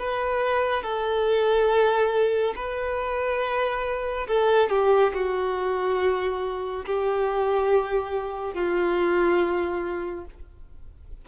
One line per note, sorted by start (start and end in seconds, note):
0.00 0.83 B4
0.83 2.54 A4
2.56 4.28 B4
4.28 4.70 A4
4.70 5.13 G4
5.14 6.86 F#4
6.86 8.54 G4
8.54 10.26 F4